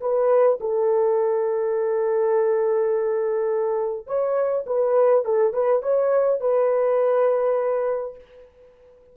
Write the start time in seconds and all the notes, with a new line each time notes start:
0.00 B4
0.60 A4
4.06 C#5
4.66 B4
5.24 A4
5.53 B4
5.82 C#5
6.40 B4